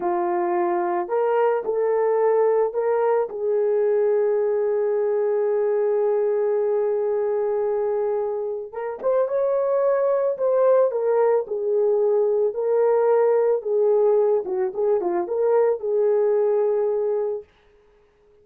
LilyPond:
\new Staff \with { instrumentName = "horn" } { \time 4/4 \tempo 4 = 110 f'2 ais'4 a'4~ | a'4 ais'4 gis'2~ | gis'1~ | gis'1 |
ais'8 c''8 cis''2 c''4 | ais'4 gis'2 ais'4~ | ais'4 gis'4. fis'8 gis'8 f'8 | ais'4 gis'2. | }